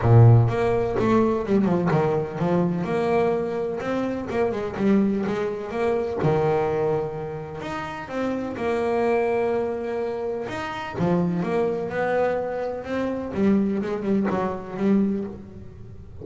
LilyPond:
\new Staff \with { instrumentName = "double bass" } { \time 4/4 \tempo 4 = 126 ais,4 ais4 a4 g8 f8 | dis4 f4 ais2 | c'4 ais8 gis8 g4 gis4 | ais4 dis2. |
dis'4 c'4 ais2~ | ais2 dis'4 f4 | ais4 b2 c'4 | g4 gis8 g8 fis4 g4 | }